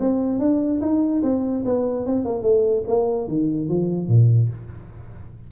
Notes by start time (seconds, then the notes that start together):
0.00 C4
0.39 D4
0.81 D#4
1.23 C4
1.65 B3
2.06 C4
2.25 A#3
2.43 A3
2.87 A#3
3.28 D#3
3.69 F3
4.08 A#2